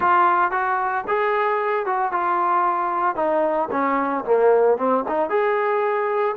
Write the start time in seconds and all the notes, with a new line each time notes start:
0.00 F4
0.51 F#4
1.07 G#4
1.86 F#4
2.12 F4
3.15 D#4
3.71 C#4
4.25 A#3
4.77 C4
5.08 D#4
5.29 G#4